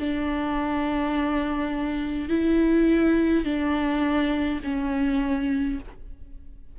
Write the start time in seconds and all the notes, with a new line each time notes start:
0.00 D4
2.29 E4
3.45 D4
4.64 C#4